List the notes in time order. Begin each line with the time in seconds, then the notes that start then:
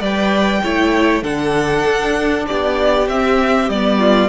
0.00 G3 B4 D5 G5
0.63 A3 E4 C#5
1.22 D3 D4 A4 F#5
1.85 D4
2.47 B3 G4 D5
3.08 C4 E5
3.69 G3 B3 D5
3.99 F4